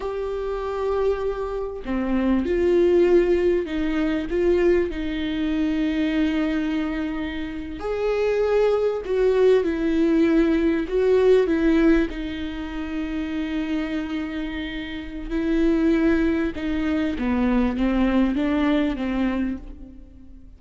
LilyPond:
\new Staff \with { instrumentName = "viola" } { \time 4/4 \tempo 4 = 98 g'2. c'4 | f'2 dis'4 f'4 | dis'1~ | dis'8. gis'2 fis'4 e'16~ |
e'4.~ e'16 fis'4 e'4 dis'16~ | dis'1~ | dis'4 e'2 dis'4 | b4 c'4 d'4 c'4 | }